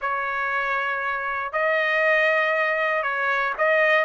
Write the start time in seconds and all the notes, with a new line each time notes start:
0.01 C#5
1.52 D#5
3.02 C#5
3.58 D#5